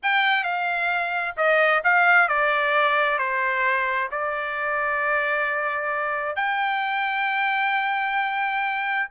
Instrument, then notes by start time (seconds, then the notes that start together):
trumpet
0.02 G5
0.43 F5
1.36 D#5
1.83 F5
2.28 D5
3.18 C5
4.11 D5
6.36 G5